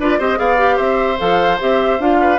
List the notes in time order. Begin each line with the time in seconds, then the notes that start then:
0.00 D4 F4 B4 D5
0.19 C4 G4 C5 D#5
0.36 B3 G#4 D5 F5
0.57 G4
0.76 C4 C5 E5
1.18 F3 A4 F5
1.60 C4 G4 E5
2.00 D4 F4 F5
2.21 B4